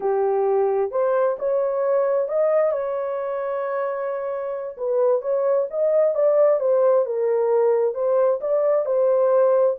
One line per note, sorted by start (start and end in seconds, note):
0.00 0.91 G4
0.91 1.36 C5
1.38 2.28 C#5
2.28 2.71 D#5
2.71 4.76 C#5
4.77 5.21 B4
5.21 5.67 C#5
5.70 6.14 D#5
6.14 6.60 D5
6.60 7.05 C5
7.05 7.94 A#4
7.94 8.40 C5
8.40 8.85 D5
8.85 9.76 C5